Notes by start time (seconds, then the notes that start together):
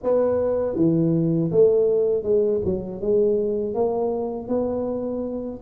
0.03 B3
0.75 E3
1.51 A3
2.23 G#3
2.65 F#3
3.01 G#3
3.74 A#3
4.48 B3